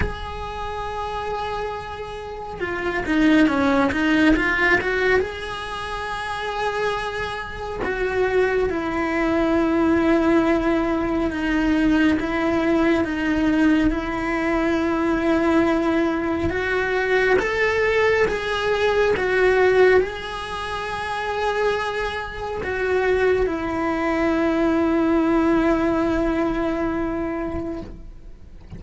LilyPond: \new Staff \with { instrumentName = "cello" } { \time 4/4 \tempo 4 = 69 gis'2. f'8 dis'8 | cis'8 dis'8 f'8 fis'8 gis'2~ | gis'4 fis'4 e'2~ | e'4 dis'4 e'4 dis'4 |
e'2. fis'4 | a'4 gis'4 fis'4 gis'4~ | gis'2 fis'4 e'4~ | e'1 | }